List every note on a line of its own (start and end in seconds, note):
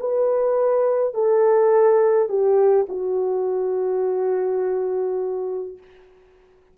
0.00 1.14 B4
1.14 2.29 A4
2.29 2.86 G4
2.89 5.77 F#4